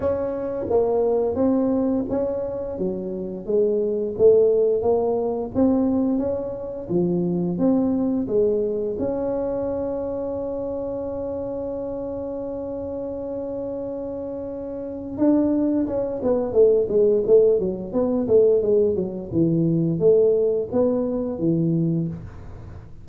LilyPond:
\new Staff \with { instrumentName = "tuba" } { \time 4/4 \tempo 4 = 87 cis'4 ais4 c'4 cis'4 | fis4 gis4 a4 ais4 | c'4 cis'4 f4 c'4 | gis4 cis'2.~ |
cis'1~ | cis'2 d'4 cis'8 b8 | a8 gis8 a8 fis8 b8 a8 gis8 fis8 | e4 a4 b4 e4 | }